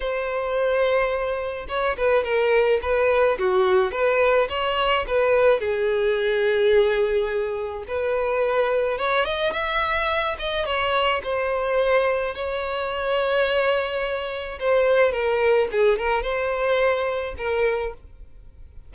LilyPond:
\new Staff \with { instrumentName = "violin" } { \time 4/4 \tempo 4 = 107 c''2. cis''8 b'8 | ais'4 b'4 fis'4 b'4 | cis''4 b'4 gis'2~ | gis'2 b'2 |
cis''8 dis''8 e''4. dis''8 cis''4 | c''2 cis''2~ | cis''2 c''4 ais'4 | gis'8 ais'8 c''2 ais'4 | }